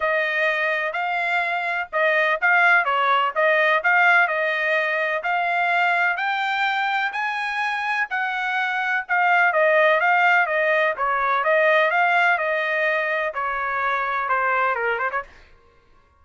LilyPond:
\new Staff \with { instrumentName = "trumpet" } { \time 4/4 \tempo 4 = 126 dis''2 f''2 | dis''4 f''4 cis''4 dis''4 | f''4 dis''2 f''4~ | f''4 g''2 gis''4~ |
gis''4 fis''2 f''4 | dis''4 f''4 dis''4 cis''4 | dis''4 f''4 dis''2 | cis''2 c''4 ais'8 c''16 cis''16 | }